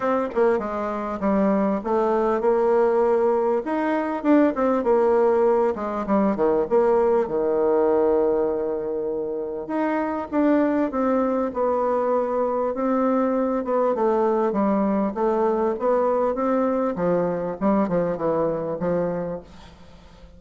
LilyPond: \new Staff \with { instrumentName = "bassoon" } { \time 4/4 \tempo 4 = 99 c'8 ais8 gis4 g4 a4 | ais2 dis'4 d'8 c'8 | ais4. gis8 g8 dis8 ais4 | dis1 |
dis'4 d'4 c'4 b4~ | b4 c'4. b8 a4 | g4 a4 b4 c'4 | f4 g8 f8 e4 f4 | }